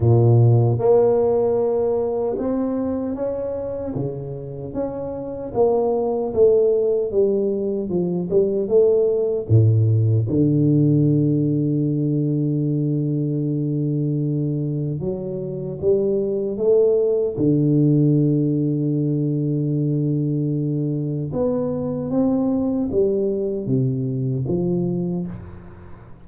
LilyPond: \new Staff \with { instrumentName = "tuba" } { \time 4/4 \tempo 4 = 76 ais,4 ais2 c'4 | cis'4 cis4 cis'4 ais4 | a4 g4 f8 g8 a4 | a,4 d2.~ |
d2. fis4 | g4 a4 d2~ | d2. b4 | c'4 g4 c4 f4 | }